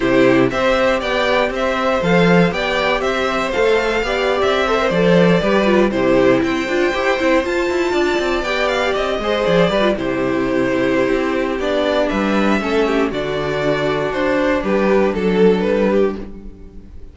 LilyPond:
<<
  \new Staff \with { instrumentName = "violin" } { \time 4/4 \tempo 4 = 119 c''4 e''4 g''4 e''4 | f''4 g''4 e''4 f''4~ | f''8. e''4 d''2 c''16~ | c''8. g''2 a''4~ a''16~ |
a''8. g''8 f''8 dis''4 d''4 c''16~ | c''2. d''4 | e''2 d''2 | c''4 b'4 a'4 b'4 | }
  \new Staff \with { instrumentName = "violin" } { \time 4/4 g'4 c''4 d''4 c''4~ | c''4 d''4 c''2 | d''4~ d''16 c''4. b'4 g'16~ | g'8. c''2. d''16~ |
d''2~ d''16 c''4 b'8 g'16~ | g'1 | b'4 a'8 g'8 fis'2~ | fis'4 g'4 a'4. g'8 | }
  \new Staff \with { instrumentName = "viola" } { \time 4/4 e'4 g'2. | a'4 g'2 a'4 | g'4~ g'16 a'16 ais'16 a'4 g'8 f'8 e'16~ | e'4~ e'16 f'8 g'8 e'8 f'4~ f'16~ |
f'8. g'4. gis'4 g'16 f'16 e'16~ | e'2. d'4~ | d'4 cis'4 d'2~ | d'1 | }
  \new Staff \with { instrumentName = "cello" } { \time 4/4 c4 c'4 b4 c'4 | f4 b4 c'4 a4 | b8. c'4 f4 g4 c16~ | c8. c'8 d'8 e'8 c'8 f'8 e'8 d'16~ |
d'16 c'8 b4 c'8 gis8 f8 g8 c16~ | c2 c'4 b4 | g4 a4 d2 | d'4 g4 fis4 g4 | }
>>